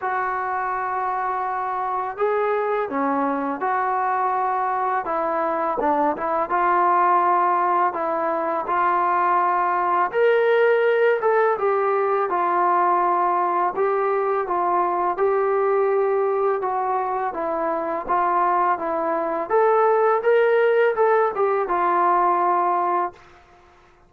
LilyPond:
\new Staff \with { instrumentName = "trombone" } { \time 4/4 \tempo 4 = 83 fis'2. gis'4 | cis'4 fis'2 e'4 | d'8 e'8 f'2 e'4 | f'2 ais'4. a'8 |
g'4 f'2 g'4 | f'4 g'2 fis'4 | e'4 f'4 e'4 a'4 | ais'4 a'8 g'8 f'2 | }